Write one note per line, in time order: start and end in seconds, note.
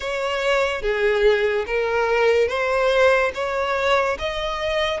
0.00 0.81 C#5
0.81 1.65 G#4
1.66 2.48 A#4
2.48 3.31 C5
3.34 4.17 C#5
4.19 5.00 D#5